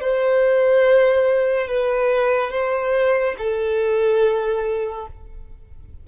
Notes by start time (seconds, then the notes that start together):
0.00 C5
1.67 B4
2.50 C5
3.38 A4